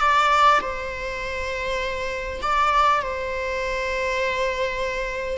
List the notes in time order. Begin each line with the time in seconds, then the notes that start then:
0.00 D5
0.61 C5
2.42 D5
3.02 C5